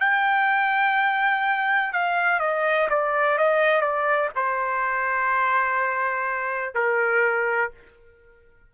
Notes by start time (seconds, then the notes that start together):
0.00 G5
1.92 F5
2.39 D#5
2.89 D5
3.38 D#5
3.81 D5
4.35 C5
6.74 A#4